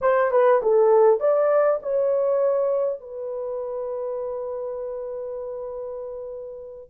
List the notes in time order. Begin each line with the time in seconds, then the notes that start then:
0.01 C5
0.31 B4
0.62 A4
1.19 D5
1.82 C#5
3.00 B4